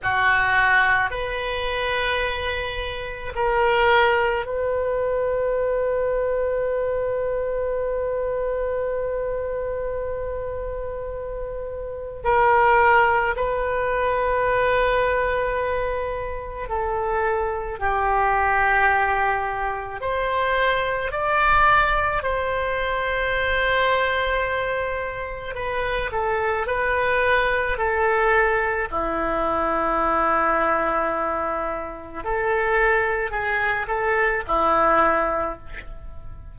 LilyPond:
\new Staff \with { instrumentName = "oboe" } { \time 4/4 \tempo 4 = 54 fis'4 b'2 ais'4 | b'1~ | b'2. ais'4 | b'2. a'4 |
g'2 c''4 d''4 | c''2. b'8 a'8 | b'4 a'4 e'2~ | e'4 a'4 gis'8 a'8 e'4 | }